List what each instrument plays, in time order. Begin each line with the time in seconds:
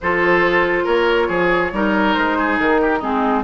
0.00 bassoon F3, clarinet F4, oboe A4, flute C5
0.84 bassoon A#3, oboe A#4, flute C#5
1.28 bassoon F3, oboe G#4
1.72 bassoon G3, clarinet D#4, oboe A#4
2.14 bassoon G#3, flute C5
2.38 oboe G#4
2.59 bassoon D#3, flute A#4
2.81 oboe G4
2.99 bassoon G#3, clarinet C4, oboe D#4, flute G#4